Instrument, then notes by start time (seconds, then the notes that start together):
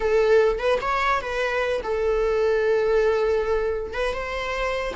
viola
0.00 A4
0.58 B4
0.81 C#5
1.21 B4
1.83 A4
3.93 B4
4.13 C5